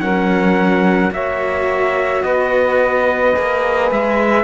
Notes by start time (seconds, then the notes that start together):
0.00 F#3 C#4 A#4 F#5
1.10 A#3 F#4 C#5 E5
2.23 B3 B4 D#5
3.36 A#3 G#4
3.91 G#3 E5